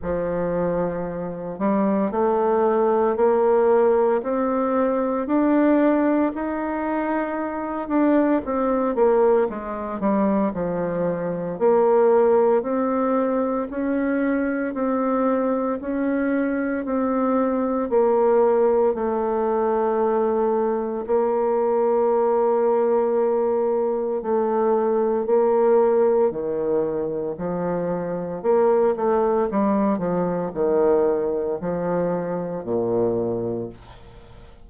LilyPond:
\new Staff \with { instrumentName = "bassoon" } { \time 4/4 \tempo 4 = 57 f4. g8 a4 ais4 | c'4 d'4 dis'4. d'8 | c'8 ais8 gis8 g8 f4 ais4 | c'4 cis'4 c'4 cis'4 |
c'4 ais4 a2 | ais2. a4 | ais4 dis4 f4 ais8 a8 | g8 f8 dis4 f4 ais,4 | }